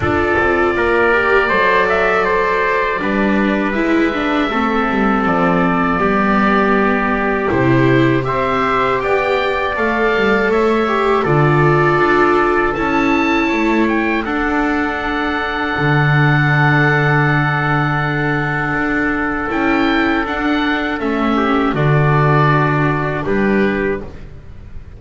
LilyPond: <<
  \new Staff \with { instrumentName = "oboe" } { \time 4/4 \tempo 4 = 80 d''1~ | d''4 e''2 d''4~ | d''2 c''4 e''4 | g''4 f''4 e''4 d''4~ |
d''4 a''4. g''8 fis''4~ | fis''1~ | fis''2 g''4 fis''4 | e''4 d''2 b'4 | }
  \new Staff \with { instrumentName = "trumpet" } { \time 4/4 a'4 ais'4 c''8 e''8 c''4 | b'2 a'2 | g'2. c''4 | d''2 cis''4 a'4~ |
a'2 cis''4 a'4~ | a'1~ | a'1~ | a'8 g'8 fis'2 g'4 | }
  \new Staff \with { instrumentName = "viola" } { \time 4/4 f'4. g'8 a'2 | d'4 e'8 d'8 c'2 | b2 e'4 g'4~ | g'4 a'4. g'8 f'4~ |
f'4 e'2 d'4~ | d'1~ | d'2 e'4 d'4 | cis'4 d'2. | }
  \new Staff \with { instrumentName = "double bass" } { \time 4/4 d'8 c'8 ais4 fis2 | g4 gis4 a8 g8 f4 | g2 c4 c'4 | b4 a8 g8 a4 d4 |
d'4 cis'4 a4 d'4~ | d'4 d2.~ | d4 d'4 cis'4 d'4 | a4 d2 g4 | }
>>